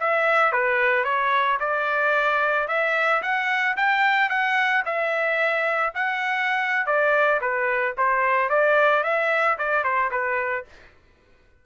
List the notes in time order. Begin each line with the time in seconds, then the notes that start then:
0.00 E5
0.52 B4
1.05 C#5
1.60 D5
2.68 E5
3.23 F#5
3.77 G5
4.30 F#5
4.86 E5
5.95 F#5
6.86 D5
7.41 B4
7.98 C5
8.50 D5
9.04 E5
9.59 D5
9.84 C5
10.11 B4